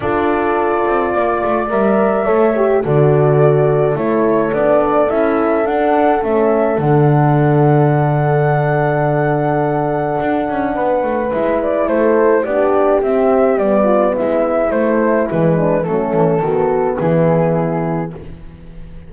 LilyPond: <<
  \new Staff \with { instrumentName = "flute" } { \time 4/4 \tempo 4 = 106 d''2. e''4~ | e''4 d''2 cis''4 | d''4 e''4 fis''4 e''4 | fis''1~ |
fis''1 | e''8 d''8 c''4 d''4 e''4 | d''4 e''4 c''4 b'4 | a'2 gis'2 | }
  \new Staff \with { instrumentName = "horn" } { \time 4/4 a'2 d''2 | cis''4 a'2.~ | a'1~ | a'1~ |
a'2. b'4~ | b'4 a'4 g'2~ | g'8 f'8 e'2~ e'8 d'8 | cis'4 fis'4 e'2 | }
  \new Staff \with { instrumentName = "horn" } { \time 4/4 f'2. ais'4 | a'8 g'8 fis'2 e'4 | d'4 e'4 d'4 cis'4 | d'1~ |
d'1 | e'2 d'4 c'4 | b2 a4 gis4 | a4 b2. | }
  \new Staff \with { instrumentName = "double bass" } { \time 4/4 d'4. c'8 ais8 a8 g4 | a4 d2 a4 | b4 cis'4 d'4 a4 | d1~ |
d2 d'8 cis'8 b8 a8 | gis4 a4 b4 c'4 | g4 gis4 a4 e4 | fis8 e8 dis4 e2 | }
>>